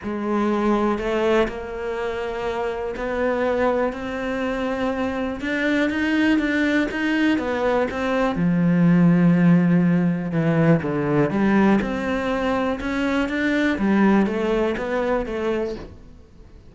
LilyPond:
\new Staff \with { instrumentName = "cello" } { \time 4/4 \tempo 4 = 122 gis2 a4 ais4~ | ais2 b2 | c'2. d'4 | dis'4 d'4 dis'4 b4 |
c'4 f2.~ | f4 e4 d4 g4 | c'2 cis'4 d'4 | g4 a4 b4 a4 | }